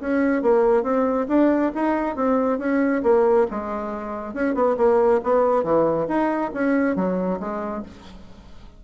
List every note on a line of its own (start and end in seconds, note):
0.00 0.42 C#4
0.42 0.83 A#3
0.83 1.26 C4
1.28 1.72 D4
1.75 2.16 D#4
2.16 2.58 C4
2.58 3.02 C#4
3.03 3.46 A#3
3.50 4.34 G#3
4.34 4.54 C#4
4.54 4.76 B3
4.77 5.21 A#3
5.23 5.63 B3
5.63 6.07 E3
6.08 6.51 D#4
6.54 6.96 C#4
6.96 7.39 F#3
7.40 7.83 G#3